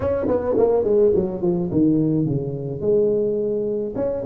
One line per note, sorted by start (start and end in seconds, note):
0.00 0.27 C#4
0.27 0.55 B3
0.57 0.83 A#3
0.83 1.12 G#3
1.15 1.41 F#3
1.41 1.70 F3
1.71 2.25 D#3
2.25 2.80 C#3
2.80 3.94 G#3
3.95 4.23 C#4